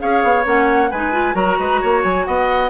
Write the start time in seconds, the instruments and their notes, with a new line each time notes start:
0.00 bassoon C#4, clarinet G#4, oboe C#5, flute F5
0.24 bassoon B3
0.45 bassoon A#3, clarinet C#4, flute F#5
0.91 bassoon G#3, clarinet D#4, oboe B4, flute G#5
1.12 clarinet F4
1.34 bassoon F#3, clarinet F#4, oboe A#4, flute A#5
1.59 bassoon G#3, oboe B4
1.81 bassoon A#3, oboe C#5
2.03 bassoon F#3, flute G#5
2.25 bassoon B3, oboe D#5, flute F#5